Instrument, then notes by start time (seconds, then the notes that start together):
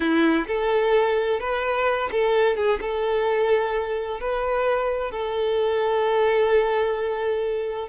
violin
0.00 E4
0.47 A4
1.40 B4
2.11 A4
2.56 G#4
2.81 A4
4.20 B4
5.11 A4